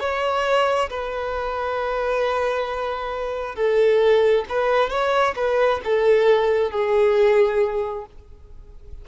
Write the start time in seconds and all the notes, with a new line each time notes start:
0.00 C#5
0.90 B4
3.55 A4
4.49 B4
4.90 C#5
5.36 B4
5.85 A4
6.71 G#4